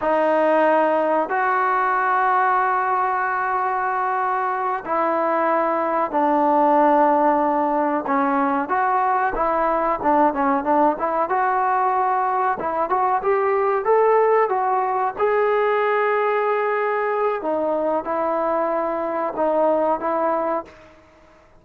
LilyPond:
\new Staff \with { instrumentName = "trombone" } { \time 4/4 \tempo 4 = 93 dis'2 fis'2~ | fis'2.~ fis'8 e'8~ | e'4. d'2~ d'8~ | d'8 cis'4 fis'4 e'4 d'8 |
cis'8 d'8 e'8 fis'2 e'8 | fis'8 g'4 a'4 fis'4 gis'8~ | gis'2. dis'4 | e'2 dis'4 e'4 | }